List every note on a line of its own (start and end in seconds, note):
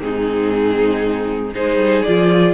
0.00 1.54 G#2
0.00 1.53 C4
0.00 1.54 D#4
0.00 1.54 G#4
1.54 1.77 G#3
1.54 2.06 D#4
1.54 2.55 G#4
1.54 2.03 C5
1.77 2.02 G3
2.03 2.55 F3
2.03 2.55 F4
2.03 2.54 D5